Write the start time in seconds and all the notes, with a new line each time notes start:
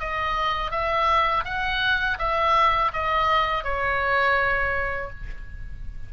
0.00 D#5
0.71 E5
1.45 F#5
2.19 E5
2.93 D#5
3.64 C#5